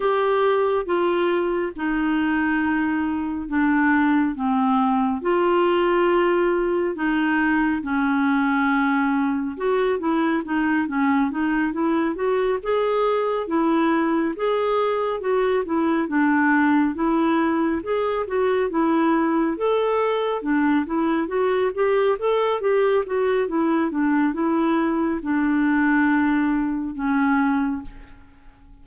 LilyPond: \new Staff \with { instrumentName = "clarinet" } { \time 4/4 \tempo 4 = 69 g'4 f'4 dis'2 | d'4 c'4 f'2 | dis'4 cis'2 fis'8 e'8 | dis'8 cis'8 dis'8 e'8 fis'8 gis'4 e'8~ |
e'8 gis'4 fis'8 e'8 d'4 e'8~ | e'8 gis'8 fis'8 e'4 a'4 d'8 | e'8 fis'8 g'8 a'8 g'8 fis'8 e'8 d'8 | e'4 d'2 cis'4 | }